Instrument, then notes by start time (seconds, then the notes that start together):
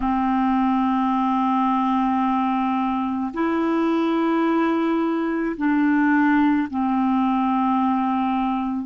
clarinet
0.00 C4
3.33 E4
5.57 D4
6.69 C4